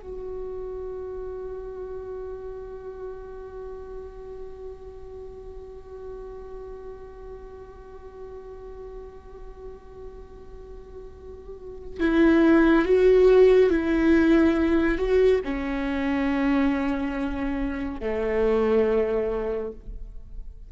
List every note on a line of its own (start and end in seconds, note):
0.00 12.00 F#4
12.00 12.85 E4
12.85 13.70 F#4
13.70 14.98 E4
14.98 15.41 F#4
15.45 18.01 C#4
18.01 19.72 A3